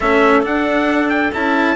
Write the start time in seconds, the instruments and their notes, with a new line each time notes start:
0.00 bassoon A3, cello C#4, clarinet A4, trumpet E5
0.42 cello D4, bassoon D4, trumpet F#5
1.09 trumpet G5
1.33 bassoon C#4, cello E4, trumpet A5